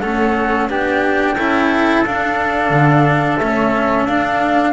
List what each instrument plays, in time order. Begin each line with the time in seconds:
0.00 double bass A3, cello C#4, trumpet A4, flute F#5
0.68 double bass B3, cello D4, trumpet G4, flute G5
1.35 double bass C#4, cello E4, trumpet A4
2.05 double bass D4, cello D4, flute F5
2.70 double bass D3
3.38 double bass A3, cello C#4, flute E5
4.05 double bass D4, cello D4, flute F5